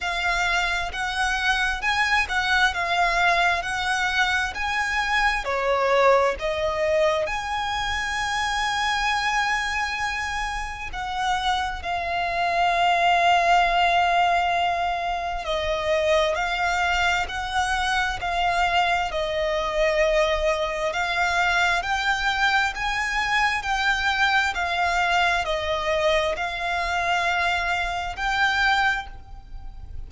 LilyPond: \new Staff \with { instrumentName = "violin" } { \time 4/4 \tempo 4 = 66 f''4 fis''4 gis''8 fis''8 f''4 | fis''4 gis''4 cis''4 dis''4 | gis''1 | fis''4 f''2.~ |
f''4 dis''4 f''4 fis''4 | f''4 dis''2 f''4 | g''4 gis''4 g''4 f''4 | dis''4 f''2 g''4 | }